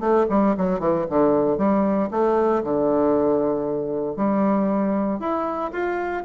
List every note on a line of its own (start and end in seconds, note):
0.00 0.26 A3
0.29 0.55 G3
0.57 0.79 F#3
0.79 1.05 E3
1.09 1.58 D3
1.58 2.09 G3
2.11 2.62 A3
2.64 4.16 D3
4.16 5.20 G3
5.20 5.71 E4
5.72 6.23 F4